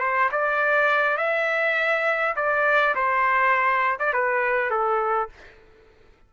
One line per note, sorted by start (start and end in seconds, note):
0.00 0.29 C5
0.32 1.17 D5
1.17 2.35 E5
2.36 2.95 D5
2.95 3.98 C5
3.99 4.13 D5
4.13 4.70 B4
4.70 5.29 A4